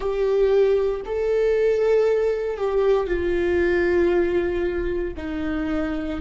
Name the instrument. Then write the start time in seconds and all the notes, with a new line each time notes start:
viola
0.00 G4
1.05 A4
2.57 G4
3.07 F4
5.17 D#4